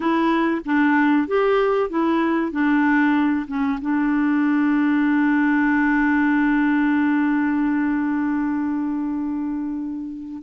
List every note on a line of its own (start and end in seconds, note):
0.00 0.61 E4
0.65 1.27 D4
1.27 1.89 G4
1.89 2.51 E4
2.51 3.46 D4
3.47 3.79 C#4
3.81 10.42 D4